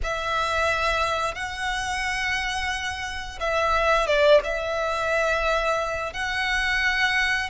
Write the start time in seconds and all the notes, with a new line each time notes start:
0.03 E5
1.34 F#5
3.40 E5
4.06 D5
4.43 E5
6.13 F#5